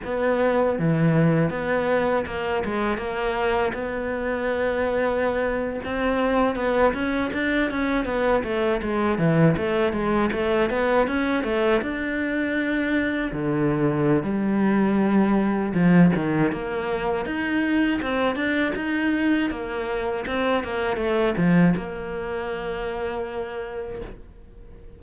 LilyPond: \new Staff \with { instrumentName = "cello" } { \time 4/4 \tempo 4 = 80 b4 e4 b4 ais8 gis8 | ais4 b2~ b8. c'16~ | c'8. b8 cis'8 d'8 cis'8 b8 a8 gis16~ | gis16 e8 a8 gis8 a8 b8 cis'8 a8 d'16~ |
d'4.~ d'16 d4~ d16 g4~ | g4 f8 dis8 ais4 dis'4 | c'8 d'8 dis'4 ais4 c'8 ais8 | a8 f8 ais2. | }